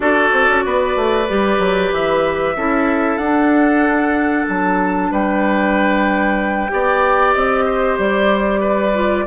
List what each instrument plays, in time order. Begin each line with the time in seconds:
0.00 bassoon D4, clarinet F#4, oboe A4, flute D5
0.32 bassoon C4
0.48 bassoon C#4
0.65 bassoon B3, oboe B4
0.96 bassoon A3
1.28 bassoon G3, clarinet G4
1.59 bassoon F#3
1.93 bassoon E3, flute E5
2.56 bassoon C#4, clarinet E4, oboe A4
3.17 bassoon D4, clarinet D4, flute F#5
4.48 bassoon F#3, flute A5
5.11 bassoon G3, oboe B4, flute G5
6.68 bassoon B3, clarinet G4, oboe D5
7.33 bassoon C4, flute D#5
7.65 oboe C5
7.98 bassoon G3, flute D5
8.60 oboe B4
8.94 clarinet F4